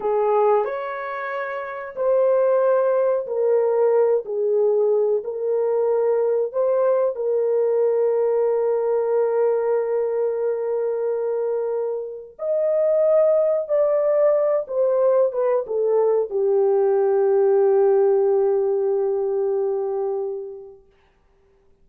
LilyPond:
\new Staff \with { instrumentName = "horn" } { \time 4/4 \tempo 4 = 92 gis'4 cis''2 c''4~ | c''4 ais'4. gis'4. | ais'2 c''4 ais'4~ | ais'1~ |
ais'2. dis''4~ | dis''4 d''4. c''4 b'8 | a'4 g'2.~ | g'1 | }